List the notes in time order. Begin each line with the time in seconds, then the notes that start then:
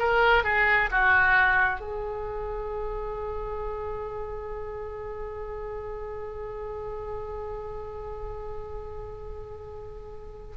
0.00 A#4
0.44 G#4
0.91 F#4
1.80 G#4